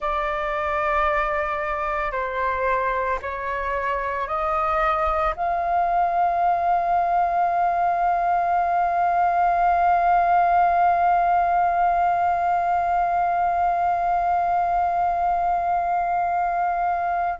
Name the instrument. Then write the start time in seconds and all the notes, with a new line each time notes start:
flute
0.00 D5
2.11 C5
3.21 C#5
4.27 D#5
5.36 F5